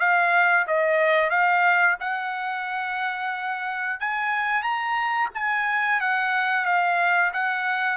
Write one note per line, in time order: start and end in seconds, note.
0.00 0.67 F5
0.68 1.30 D#5
1.30 1.97 F5
2.00 4.00 F#5
4.00 4.63 G#5
4.63 5.30 A#5
5.35 6.01 G#5
6.01 6.65 F#5
6.65 7.32 F5
7.33 7.98 F#5